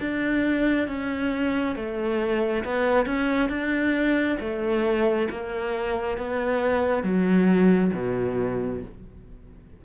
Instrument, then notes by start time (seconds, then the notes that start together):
cello
0.00 D4
0.87 C#4
1.75 A3
2.64 B3
3.06 C#4
3.49 D4
4.40 A3
5.30 A#3
6.17 B3
7.03 F#3
7.93 B2